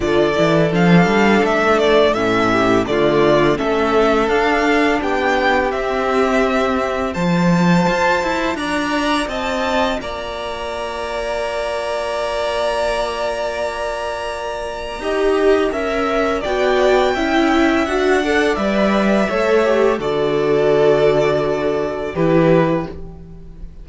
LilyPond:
<<
  \new Staff \with { instrumentName = "violin" } { \time 4/4 \tempo 4 = 84 d''4 f''4 e''8 d''8 e''4 | d''4 e''4 f''4 g''4 | e''2 a''2 | ais''4 a''4 ais''2~ |
ais''1~ | ais''2. g''4~ | g''4 fis''4 e''2 | d''2. b'4 | }
  \new Staff \with { instrumentName = "violin" } { \time 4/4 a'2.~ a'8 g'8 | f'4 a'2 g'4~ | g'2 c''2 | d''4 dis''4 d''2~ |
d''1~ | d''4 dis''4 e''4 d''4 | e''4. d''4. cis''4 | a'2. g'4 | }
  \new Staff \with { instrumentName = "viola" } { \time 4/4 f'8 e'8 d'2 cis'4 | a4 cis'4 d'2 | c'2 f'2~ | f'1~ |
f'1~ | f'4 g'4 ais'4 fis'4 | e'4 fis'8 a'8 b'4 a'8 g'8 | fis'2. e'4 | }
  \new Staff \with { instrumentName = "cello" } { \time 4/4 d8 e8 f8 g8 a4 a,4 | d4 a4 d'4 b4 | c'2 f4 f'8 e'8 | d'4 c'4 ais2~ |
ais1~ | ais4 dis'4 cis'4 b4 | cis'4 d'4 g4 a4 | d2. e4 | }
>>